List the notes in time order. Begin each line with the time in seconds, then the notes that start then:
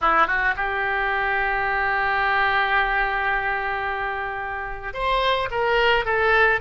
0.01 E4
0.27 F#4
0.56 G4
4.93 C5
5.50 A#4
6.05 A4